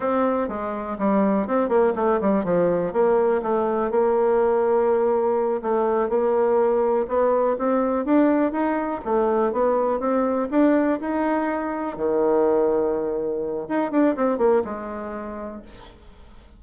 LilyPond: \new Staff \with { instrumentName = "bassoon" } { \time 4/4 \tempo 4 = 123 c'4 gis4 g4 c'8 ais8 | a8 g8 f4 ais4 a4 | ais2.~ ais8 a8~ | a8 ais2 b4 c'8~ |
c'8 d'4 dis'4 a4 b8~ | b8 c'4 d'4 dis'4.~ | dis'8 dis2.~ dis8 | dis'8 d'8 c'8 ais8 gis2 | }